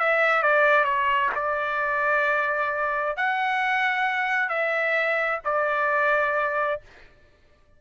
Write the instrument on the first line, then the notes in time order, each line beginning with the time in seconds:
trumpet
0.00 E5
0.43 D5
0.85 C#5
1.36 D5
3.17 F#5
4.49 E5
5.45 D5